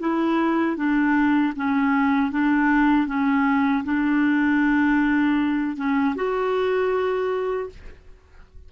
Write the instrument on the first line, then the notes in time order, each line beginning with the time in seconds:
clarinet
0.00 E4
0.77 D4
1.56 C#4
2.31 D4
3.07 C#4
3.85 D4
5.77 C#4
6.16 F#4